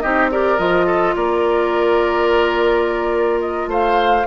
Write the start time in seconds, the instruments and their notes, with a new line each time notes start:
0.00 bassoon C4, clarinet D#4, oboe G4, flute D#5
0.31 clarinet G4, oboe A#4, flute D5
0.58 bassoon F3, clarinet F4, flute D#5
0.86 oboe A4
1.15 bassoon A#3, oboe A#4, flute D5
3.40 flute D#5
3.67 bassoon A3, oboe C5, flute F5